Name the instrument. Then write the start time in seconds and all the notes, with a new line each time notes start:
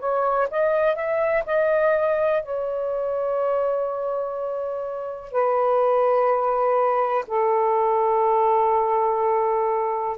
saxophone
0.00 C#5
0.51 D#5
0.96 E5
1.46 D#5
2.43 C#5
5.32 B4
7.28 A4